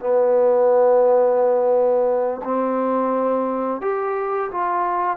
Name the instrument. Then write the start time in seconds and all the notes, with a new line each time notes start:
trombone
0.00 B3
2.44 C4
3.81 G4
4.51 F4